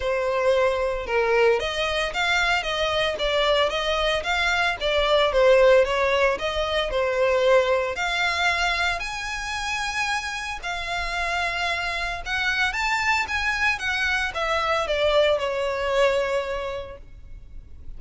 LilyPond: \new Staff \with { instrumentName = "violin" } { \time 4/4 \tempo 4 = 113 c''2 ais'4 dis''4 | f''4 dis''4 d''4 dis''4 | f''4 d''4 c''4 cis''4 | dis''4 c''2 f''4~ |
f''4 gis''2. | f''2. fis''4 | a''4 gis''4 fis''4 e''4 | d''4 cis''2. | }